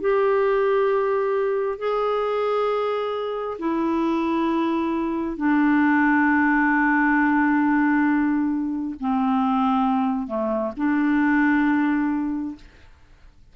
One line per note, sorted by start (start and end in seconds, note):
0.00 1.78 G4
1.78 3.57 G#4
3.59 5.36 E4
5.36 8.95 D4
9.00 10.27 C4
10.27 10.72 A3
10.76 12.55 D4